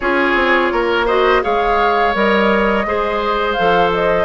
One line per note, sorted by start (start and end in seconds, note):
0.00 0.34 C#4
0.00 1.07 F4
0.00 0.72 G#4
0.00 1.07 C#5
0.34 0.70 C4
0.71 1.43 A#3
0.71 1.06 A#4
1.06 1.42 F#4
1.06 1.41 C5
1.06 1.42 D#5
1.42 2.14 G#3
1.42 2.14 G#4
1.42 2.86 C#5
1.42 2.15 F5
2.14 2.85 G3
2.14 2.85 A#4
2.14 3.53 D#5
2.85 3.57 G#3
2.85 3.57 G#4
2.85 4.25 C5
3.53 4.25 F3
3.53 4.25 A4
3.53 3.89 F5
3.93 4.25 D#5